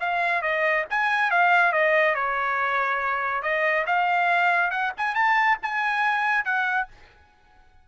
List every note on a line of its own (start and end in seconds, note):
0.00 0.42 F5
0.42 0.85 D#5
0.90 1.31 G#5
1.31 1.72 F5
1.72 2.14 D#5
2.14 3.42 C#5
3.42 3.85 D#5
3.86 4.70 F5
4.70 4.92 F#5
4.97 5.14 G#5
5.14 5.57 A5
5.62 6.45 G#5
6.45 6.88 F#5